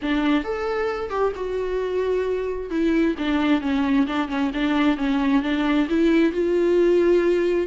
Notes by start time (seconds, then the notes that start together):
0.02 D4
0.44 A4
1.10 G4
1.35 F#4
2.70 E4
3.18 D4
3.61 C#4
4.06 D4
4.28 C#4
4.54 D4
4.97 C#4
5.42 D4
5.89 E4
6.32 F4